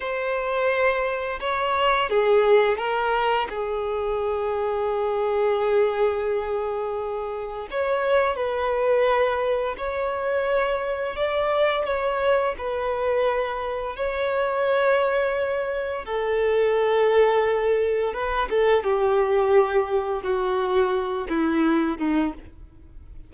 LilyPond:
\new Staff \with { instrumentName = "violin" } { \time 4/4 \tempo 4 = 86 c''2 cis''4 gis'4 | ais'4 gis'2.~ | gis'2. cis''4 | b'2 cis''2 |
d''4 cis''4 b'2 | cis''2. a'4~ | a'2 b'8 a'8 g'4~ | g'4 fis'4. e'4 dis'8 | }